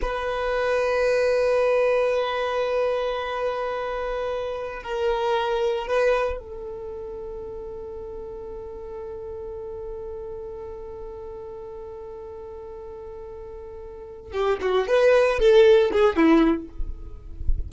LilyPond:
\new Staff \with { instrumentName = "violin" } { \time 4/4 \tempo 4 = 115 b'1~ | b'1~ | b'4~ b'16 ais'2 b'8.~ | b'16 a'2.~ a'8.~ |
a'1~ | a'1~ | a'2.~ a'8 g'8 | fis'8 b'4 a'4 gis'8 e'4 | }